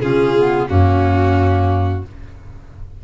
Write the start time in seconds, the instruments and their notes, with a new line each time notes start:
0.00 tuba C#3, clarinet C#4, violin F4 G#4
0.36 clarinet B3
0.68 tuba F#2, clarinet A#3, violin C#4 F#4